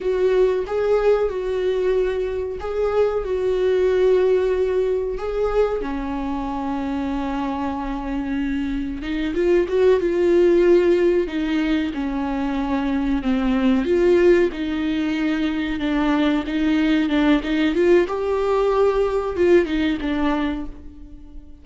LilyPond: \new Staff \with { instrumentName = "viola" } { \time 4/4 \tempo 4 = 93 fis'4 gis'4 fis'2 | gis'4 fis'2. | gis'4 cis'2.~ | cis'2 dis'8 f'8 fis'8 f'8~ |
f'4. dis'4 cis'4.~ | cis'8 c'4 f'4 dis'4.~ | dis'8 d'4 dis'4 d'8 dis'8 f'8 | g'2 f'8 dis'8 d'4 | }